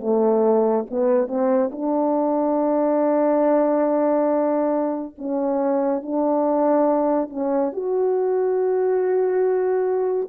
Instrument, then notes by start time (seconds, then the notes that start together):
horn
0.00 A3
0.90 B3
1.28 C4
1.72 D4
5.18 C#4
6.03 D4
7.30 C#4
7.72 F#4